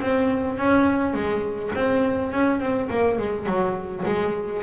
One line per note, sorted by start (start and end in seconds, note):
0.00 0.57 C4
0.57 1.13 C#4
1.13 1.71 G#3
1.75 2.32 C4
2.32 2.60 C#4
2.60 2.89 C4
2.90 3.18 A#3
3.18 3.46 G#3
3.46 4.04 F#3
4.05 4.62 G#3